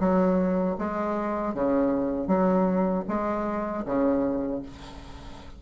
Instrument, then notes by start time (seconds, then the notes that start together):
bassoon
0.00 F#3
0.78 G#3
1.55 C#3
2.28 F#3
3.08 G#3
3.86 C#3